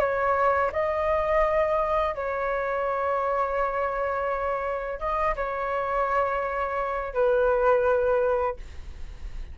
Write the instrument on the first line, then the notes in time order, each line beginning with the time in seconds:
flute
0.00 C#5
0.72 D#5
2.16 C#5
5.00 D#5
5.36 C#5
7.14 B4